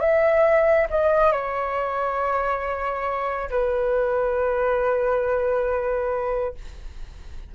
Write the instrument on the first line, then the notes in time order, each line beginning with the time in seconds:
flute
0.00 E5
0.90 D#5
1.32 C#5
3.50 B4